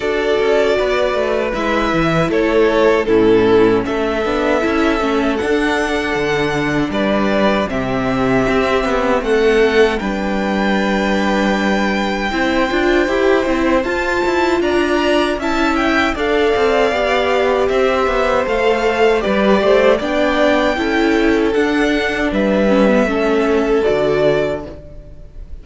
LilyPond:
<<
  \new Staff \with { instrumentName = "violin" } { \time 4/4 \tempo 4 = 78 d''2 e''4 cis''4 | a'4 e''2 fis''4~ | fis''4 d''4 e''2 | fis''4 g''2.~ |
g''2 a''4 ais''4 | a''8 g''8 f''2 e''4 | f''4 d''4 g''2 | fis''4 e''2 d''4 | }
  \new Staff \with { instrumentName = "violin" } { \time 4/4 a'4 b'2 a'4 | e'4 a'2.~ | a'4 b'4 g'2 | a'4 b'2. |
c''2. d''4 | e''4 d''2 c''4~ | c''4 b'8 c''8 d''4 a'4~ | a'4 b'4 a'2 | }
  \new Staff \with { instrumentName = "viola" } { \time 4/4 fis'2 e'2 | cis'4. d'8 e'8 cis'8 d'4~ | d'2 c'2~ | c'4 d'2. |
e'8 f'8 g'8 e'8 f'2 | e'4 a'4 g'2 | a'4 g'4 d'4 e'4 | d'4. cis'16 b16 cis'4 fis'4 | }
  \new Staff \with { instrumentName = "cello" } { \time 4/4 d'8 cis'8 b8 a8 gis8 e8 a4 | a,4 a8 b8 cis'8 a8 d'4 | d4 g4 c4 c'8 b8 | a4 g2. |
c'8 d'8 e'8 c'8 f'8 e'8 d'4 | cis'4 d'8 c'8 b4 c'8 b8 | a4 g8 a8 b4 cis'4 | d'4 g4 a4 d4 | }
>>